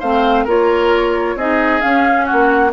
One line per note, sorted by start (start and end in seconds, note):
0.00 0.47 A3
0.00 0.48 C4
0.00 0.45 C5
0.00 0.46 F5
0.45 1.36 A#3
0.45 1.38 F4
0.45 1.35 A#4
0.45 1.39 C#5
1.36 1.81 C4
1.36 1.81 D#4
1.36 2.26 G#4
1.36 1.81 D#5
1.81 2.71 C#4
1.81 2.30 C#4
1.81 2.26 F5
2.26 2.71 F#4
2.26 2.72 F#5
2.33 2.73 A#3